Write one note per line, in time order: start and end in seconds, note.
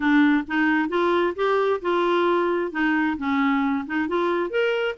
0.00 0.43 D4
0.47 0.89 D#4
0.89 1.34 F4
1.35 1.80 G4
1.81 2.71 F4
2.71 3.16 D#4
3.17 3.85 C#4
3.86 4.08 D#4
4.08 4.50 F4
4.50 4.95 A#4